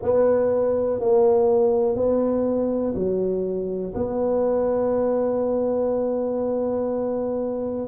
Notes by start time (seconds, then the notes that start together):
0.02 B3
1.00 A#3
1.95 B3
2.94 F#3
3.94 B3